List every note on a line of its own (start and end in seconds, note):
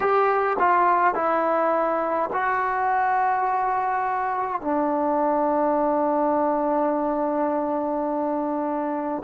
0.00 0.57 G4
0.59 1.14 F4
1.14 2.30 E4
2.32 4.61 F#4
4.61 9.23 D4